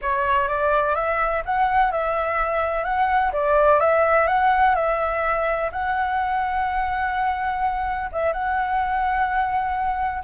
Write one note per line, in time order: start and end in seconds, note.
0.01 0.48 C#5
0.48 0.95 D5
0.95 1.43 E5
1.45 1.91 F#5
1.91 2.84 E5
2.84 3.31 F#5
3.32 3.79 D5
3.79 4.27 E5
4.27 4.75 F#5
4.75 5.70 E5
5.72 8.10 F#5
8.11 8.32 E5
8.32 10.23 F#5